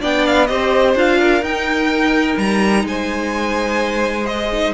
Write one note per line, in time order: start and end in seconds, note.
0.00 0.49 B3
0.00 0.48 D4
0.00 0.47 D5
0.00 0.26 G5
0.26 0.46 F5
0.46 0.95 C4
0.46 0.95 G4
0.46 1.18 C5
0.46 0.93 D#5
0.95 1.42 D4
0.95 1.43 F4
0.95 1.43 F5
1.18 2.84 A#4
1.42 2.36 D#4
1.42 4.23 D#4
1.42 2.38 G5
2.37 2.83 G3
2.37 2.85 A#5
2.83 4.72 G#3
2.83 4.74 C5
2.83 4.26 G#5
4.23 4.47 G#4
4.23 4.73 D#5
4.52 4.74 D#4